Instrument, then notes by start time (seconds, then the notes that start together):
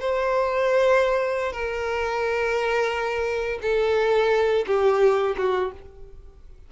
violin
0.00 C5
1.52 A#4
3.62 A4
4.66 G4
5.37 F#4